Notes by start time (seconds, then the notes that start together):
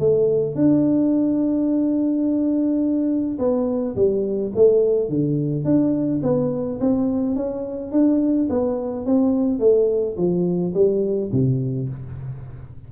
0.00 A3
0.56 D4
3.39 B3
3.96 G3
4.56 A3
5.09 D3
5.65 D4
6.23 B3
6.81 C4
7.36 C#4
7.92 D4
8.50 B3
9.06 C4
9.60 A3
10.17 F3
10.75 G3
11.33 C3